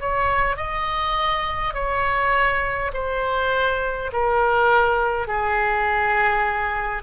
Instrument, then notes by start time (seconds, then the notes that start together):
oboe
0.00 C#5
0.56 D#5
1.74 C#5
2.93 C5
4.13 A#4
5.27 G#4